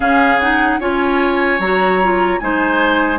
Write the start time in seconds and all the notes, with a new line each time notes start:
0.00 C#3 C#4 G#4 F5
0.39 D#4 F#5
0.79 C#4 F4 C#5 G#5
1.59 F#3 F#4 A#5
2.02 F4
2.39 G#3 D#4 C5 G#5